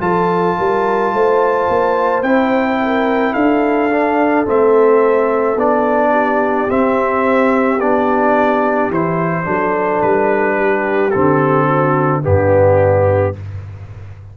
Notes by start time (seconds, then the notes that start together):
0.00 F3 F4 A4 A5
0.58 G3 A#4
1.13 A3 C5
1.69 A#3
2.22 C4 E4 G5
2.81 A#4
3.32 D4 A4 F5
3.90 D4
4.45 A3 C4 E5
5.56 B3 D4 D5
6.11 G4
6.68 C4 E5
7.80 B3 D4 D5
8.89 E3 E4 C5
9.44 F#3 D4 A4
10.01 G3 B4
10.56 G4
11.10 D3 C4 A4
11.66 F#4
12.22 G2 B3 D4 G4